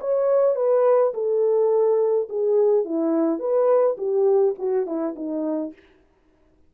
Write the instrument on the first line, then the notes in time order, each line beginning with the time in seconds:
horn
0.00 C#5
0.55 B4
1.14 A4
2.29 G#4
2.84 E4
3.39 B4
3.97 G4
4.58 F#4
4.86 E4
5.15 D#4